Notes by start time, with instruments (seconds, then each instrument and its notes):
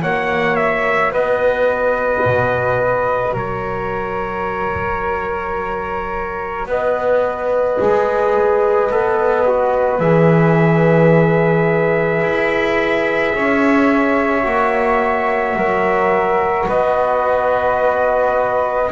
0.00 double bass A#3, trombone F#4, flute C#5, trumpet F#5
0.56 trumpet E5
1.12 double bass B3, flute B4, trumpet D#5
2.25 double bass B2
3.33 double bass F#3, flute A#4, trumpet C#5
6.66 double bass B3, flute B4, trumpet D#5
7.78 double bass G#3, trombone G#4
8.91 double bass B3, trombone A4
9.47 trombone F#4
10.00 double bass E3, trombone G#4, trumpet E5
12.22 double bass E4
13.35 double bass C#4, flute C#5
14.42 double bass A#3, trombone F#4
15.56 double bass F#3, flute A#4
16.68 double bass B3, flute B4, trumpet D#5